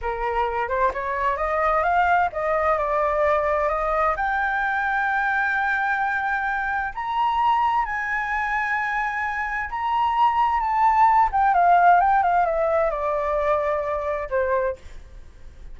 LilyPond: \new Staff \with { instrumentName = "flute" } { \time 4/4 \tempo 4 = 130 ais'4. c''8 cis''4 dis''4 | f''4 dis''4 d''2 | dis''4 g''2.~ | g''2. ais''4~ |
ais''4 gis''2.~ | gis''4 ais''2 a''4~ | a''8 g''8 f''4 g''8 f''8 e''4 | d''2. c''4 | }